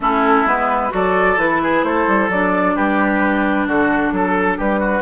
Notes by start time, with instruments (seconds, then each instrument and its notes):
0.00 bassoon A3, clarinet C#4, oboe E4, flute A4
0.45 bassoon G#3, clarinet B3, flute B4
0.90 bassoon F#3, clarinet F#4, oboe A4, flute D5
1.36 bassoon E3, clarinet E4, flute B4
1.62 oboe G#4
1.83 bassoon A3, oboe A4, flute C5
2.07 bassoon G3
2.28 bassoon F#3, clarinet D4, flute D5
2.75 bassoon G3, oboe G4, flute B4
3.66 bassoon D3, oboe F#4, flute A4
4.12 bassoon F#3, oboe A4
4.58 bassoon G3, oboe G4, flute B4
4.79 oboe F#4